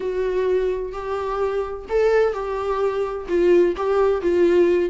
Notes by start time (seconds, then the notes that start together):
0.00 F#4
0.92 G4
1.89 A4
2.33 G4
3.28 F4
3.76 G4
4.21 F4